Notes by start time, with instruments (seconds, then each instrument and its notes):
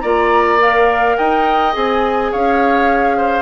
0.00 bassoon A#3, clarinet F4, oboe D5, flute A#5
0.59 clarinet A#4, flute F5
1.17 bassoon D#4, oboe D#5, flute G5
1.73 bassoon C4, clarinet G#4, flute G#5
2.32 bassoon C#4, oboe C#5, flute F5
3.17 oboe C5